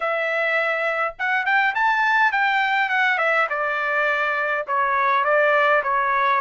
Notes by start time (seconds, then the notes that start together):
0.00 E5
1.18 F#5
1.45 G5
1.74 A5
2.31 G5
2.89 F#5
3.17 E5
3.49 D5
4.67 C#5
5.24 D5
5.83 C#5